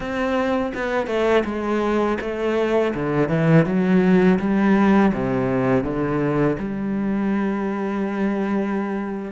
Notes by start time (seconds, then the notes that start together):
0.00 C4
0.74 B3
1.06 A3
1.44 G#3
2.21 A3
2.94 D3
3.29 E3
3.66 F#3
4.39 G3
5.13 C3
5.83 D3
6.58 G3